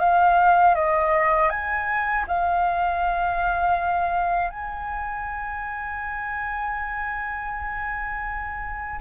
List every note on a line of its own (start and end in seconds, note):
0.00 0.75 F5
0.75 1.50 D#5
1.50 2.25 G#5
2.28 4.50 F5
4.50 9.00 G#5